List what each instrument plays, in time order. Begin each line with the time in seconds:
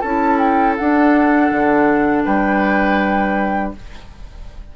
0.00 bassoon C#4, clarinet E4, oboe A4, flute A5
0.38 flute G5
0.77 clarinet D4, bassoon D4, flute F#5
1.51 bassoon D3
2.24 bassoon G3, oboe B4, flute G5